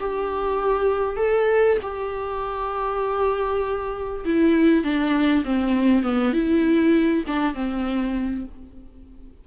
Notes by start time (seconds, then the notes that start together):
0.00 G4
1.17 A4
1.83 G4
4.25 E4
4.84 D4
5.45 C4
6.03 B3
6.33 E4
7.27 D4
7.55 C4